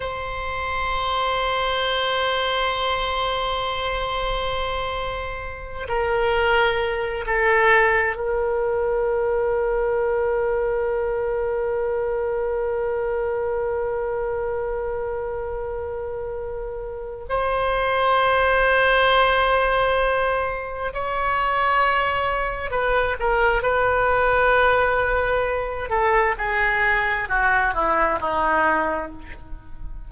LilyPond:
\new Staff \with { instrumentName = "oboe" } { \time 4/4 \tempo 4 = 66 c''1~ | c''2~ c''8 ais'4. | a'4 ais'2.~ | ais'1~ |
ais'2. c''4~ | c''2. cis''4~ | cis''4 b'8 ais'8 b'2~ | b'8 a'8 gis'4 fis'8 e'8 dis'4 | }